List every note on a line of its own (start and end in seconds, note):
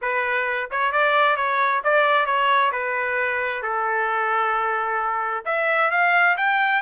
0.01 0.69 B4
0.70 0.92 C#5
0.92 1.36 D5
1.36 1.81 C#5
1.84 2.26 D5
2.26 2.71 C#5
2.72 3.62 B4
3.62 5.44 A4
5.45 5.90 E5
5.90 6.36 F5
6.37 6.81 G5